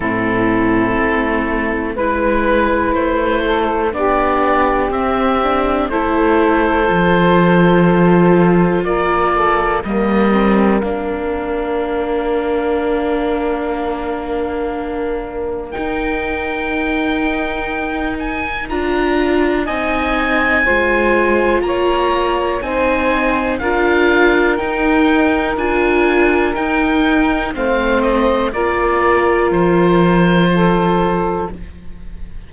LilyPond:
<<
  \new Staff \with { instrumentName = "oboe" } { \time 4/4 \tempo 4 = 61 a'2 b'4 c''4 | d''4 e''4 c''2~ | c''4 d''4 dis''4 f''4~ | f''1 |
g''2~ g''8 gis''8 ais''4 | gis''2 ais''4 gis''4 | f''4 g''4 gis''4 g''4 | f''8 dis''8 d''4 c''2 | }
  \new Staff \with { instrumentName = "saxophone" } { \time 4/4 e'2 b'4. a'8 | g'2 a'2~ | a'4 ais'8 a'8 ais'2~ | ais'1~ |
ais'1 | dis''4 c''4 cis''4 c''4 | ais'1 | c''4 ais'2 a'4 | }
  \new Staff \with { instrumentName = "viola" } { \time 4/4 c'2 e'2 | d'4 c'8 d'8 e'4 f'4~ | f'2 ais8 c'8 d'4~ | d'1 |
dis'2. f'4 | dis'4 f'2 dis'4 | f'4 dis'4 f'4 dis'4 | c'4 f'2. | }
  \new Staff \with { instrumentName = "cello" } { \time 4/4 a,4 a4 gis4 a4 | b4 c'4 a4 f4~ | f4 ais4 g4 ais4~ | ais1 |
dis'2. d'4 | c'4 gis4 ais4 c'4 | d'4 dis'4 d'4 dis'4 | a4 ais4 f2 | }
>>